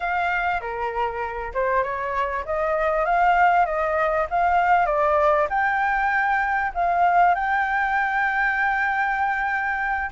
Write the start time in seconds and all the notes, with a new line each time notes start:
0.00 F5
0.60 A#4
1.54 C5
1.83 C#5
2.45 D#5
3.05 F5
3.65 D#5
4.30 F5
4.85 D5
5.49 G5
6.74 F5
7.34 G5